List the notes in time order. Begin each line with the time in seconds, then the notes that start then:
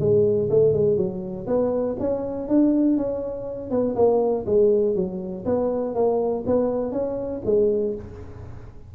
0.00 G#3
0.51 A3
0.74 G#3
0.97 F#3
1.47 B3
2.00 C#4
2.49 D4
2.98 C#4
3.71 B3
3.96 A#3
4.47 G#3
4.96 F#3
5.46 B3
5.95 A#3
6.47 B3
6.92 C#4
7.46 G#3